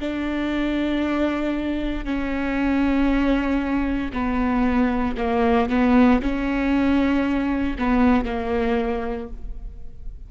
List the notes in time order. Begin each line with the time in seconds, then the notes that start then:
0.00 D4
2.05 C#4
4.13 B3
5.18 A#3
5.69 B3
6.22 C#4
7.79 B3
8.25 A#3